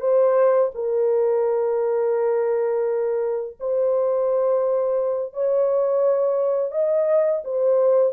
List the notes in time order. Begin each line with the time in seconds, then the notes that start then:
0.00 C5
0.75 A#4
3.60 C5
5.34 C#5
6.72 D#5
7.44 C5